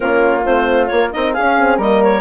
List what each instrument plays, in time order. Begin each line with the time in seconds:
0.00 bassoon A#3, horn C#4, flute F4, clarinet A#4
0.44 bassoon A3, horn C4, clarinet C5
0.87 bassoon A#3, clarinet C#5
0.93 horn A#3
1.12 bassoon C4, horn D#4, flute A#4, clarinet D#5
1.33 horn C#4, bassoon C#4, flute G#4, clarinet F5
1.58 horn C4
1.77 bassoon G3, horn A#3, flute A#4, clarinet D#5
2.03 clarinet C#5